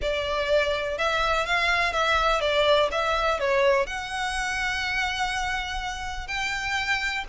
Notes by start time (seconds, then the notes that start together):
0.01 D5
0.98 E5
1.45 F5
1.92 E5
2.41 D5
2.91 E5
3.39 C#5
3.86 F#5
6.27 G5